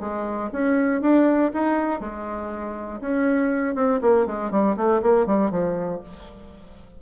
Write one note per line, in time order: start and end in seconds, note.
0.00 0.50 G#3
0.52 1.01 C#4
1.01 1.51 D4
1.53 2.00 D#4
2.00 3.00 G#3
3.00 3.75 C#4
3.75 4.00 C4
4.01 4.26 A#3
4.26 4.51 G#3
4.51 4.76 G3
4.76 5.01 A3
5.02 5.26 A#3
5.26 5.50 G3
5.50 6.00 F3